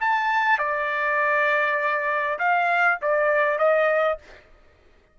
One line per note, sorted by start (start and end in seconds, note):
0.00 0.58 A5
0.58 2.38 D5
2.38 2.98 F5
3.01 3.58 D5
3.58 4.18 D#5